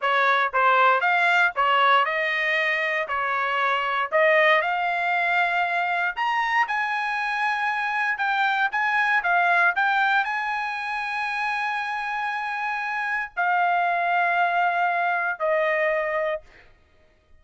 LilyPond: \new Staff \with { instrumentName = "trumpet" } { \time 4/4 \tempo 4 = 117 cis''4 c''4 f''4 cis''4 | dis''2 cis''2 | dis''4 f''2. | ais''4 gis''2. |
g''4 gis''4 f''4 g''4 | gis''1~ | gis''2 f''2~ | f''2 dis''2 | }